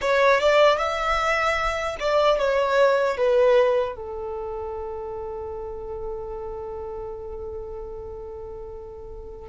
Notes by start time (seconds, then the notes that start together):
0.01 C#5
0.40 D5
0.78 E5
2.00 D5
2.38 C#5
3.17 B4
3.95 A4